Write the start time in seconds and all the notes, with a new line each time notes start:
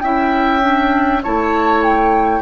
0.00 C#4 E4 E5 G5
0.61 D4
1.23 A3 E4 C#5 A5
1.82 G5